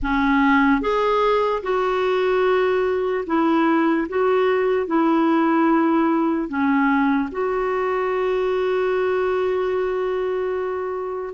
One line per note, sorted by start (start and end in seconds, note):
0.02 0.81 C#4
0.81 1.62 G#4
1.62 3.24 F#4
3.26 4.07 E4
4.08 4.86 F#4
4.86 6.48 E4
6.48 7.29 C#4
7.31 11.34 F#4